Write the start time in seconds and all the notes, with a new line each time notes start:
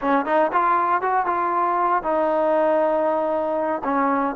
0.01 C#4
0.25 D#4
0.52 F4
1.01 F#4
1.26 F4
2.02 D#4
3.84 C#4